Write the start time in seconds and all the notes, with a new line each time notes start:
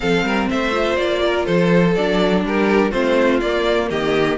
0.00 F3 C4 A4 F5
0.23 G3 A#4
0.49 A3 C5 E5
0.71 F4
0.96 A#3 D5
1.25 A#4
1.45 F3 A4 C5
1.95 F#3 D4 D5
2.44 G3 G4 A#4
2.90 A3 C4 F4 C5
3.40 A#3 D5
3.90 D#3 G4 D#5